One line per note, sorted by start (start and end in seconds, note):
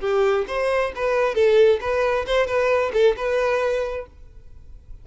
0.00 0.45 G4
0.47 0.92 C5
0.95 1.35 B4
1.35 1.79 A4
1.81 2.26 B4
2.26 2.47 C5
2.47 2.91 B4
2.93 3.15 A4
3.16 4.06 B4